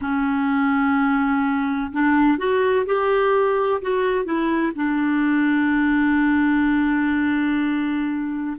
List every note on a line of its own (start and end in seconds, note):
0.01 1.91 C#4
1.92 2.38 D4
2.38 2.85 F#4
2.86 3.81 G4
3.81 4.24 F#4
4.24 4.72 E4
4.75 8.56 D4